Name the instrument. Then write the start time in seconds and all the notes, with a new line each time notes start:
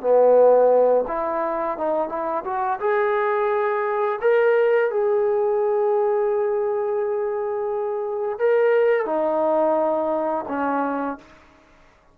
trombone
0.00 B3
1.07 E4
1.77 D#4
2.08 E4
2.44 F#4
2.79 G#4
4.21 A#4
4.91 G#4
8.38 A#4
9.05 D#4
10.48 C#4